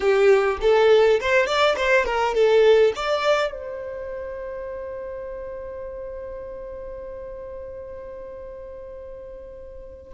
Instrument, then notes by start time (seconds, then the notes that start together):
violin
0.00 G4
0.61 A4
1.20 C5
1.46 D5
1.76 C5
2.05 A#4
2.34 A4
2.95 D5
3.51 C5